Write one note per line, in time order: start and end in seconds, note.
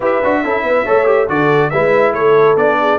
0.00 0.21 E4
0.00 0.22 G4
0.00 0.43 B4
0.00 1.29 E5
0.23 0.44 D4
0.23 0.44 F#4
0.44 0.63 C#4
0.44 0.85 E4
0.44 0.65 A4
0.63 0.84 B3
0.63 0.85 B4
0.85 1.29 A3
0.85 1.05 A4
0.85 1.28 C#5
1.05 1.27 G4
1.28 1.72 D3
1.28 1.71 F#4
1.28 1.71 A4
1.28 1.70 D5
1.70 2.14 G#3
1.70 2.57 E4
1.70 2.12 B4
1.70 2.12 E5
2.12 2.56 A3
2.12 2.77 A4
2.12 2.56 C#5
2.56 2.98 B3
2.56 2.98 D4
2.56 2.98 D5
2.80 2.98 G#4